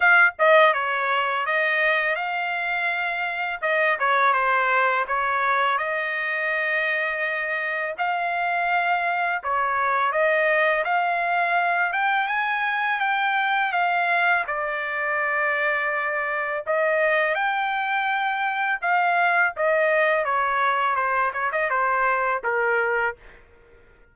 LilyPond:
\new Staff \with { instrumentName = "trumpet" } { \time 4/4 \tempo 4 = 83 f''8 dis''8 cis''4 dis''4 f''4~ | f''4 dis''8 cis''8 c''4 cis''4 | dis''2. f''4~ | f''4 cis''4 dis''4 f''4~ |
f''8 g''8 gis''4 g''4 f''4 | d''2. dis''4 | g''2 f''4 dis''4 | cis''4 c''8 cis''16 dis''16 c''4 ais'4 | }